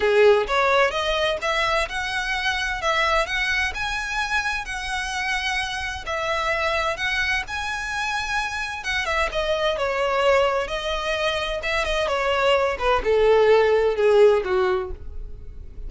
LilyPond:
\new Staff \with { instrumentName = "violin" } { \time 4/4 \tempo 4 = 129 gis'4 cis''4 dis''4 e''4 | fis''2 e''4 fis''4 | gis''2 fis''2~ | fis''4 e''2 fis''4 |
gis''2. fis''8 e''8 | dis''4 cis''2 dis''4~ | dis''4 e''8 dis''8 cis''4. b'8 | a'2 gis'4 fis'4 | }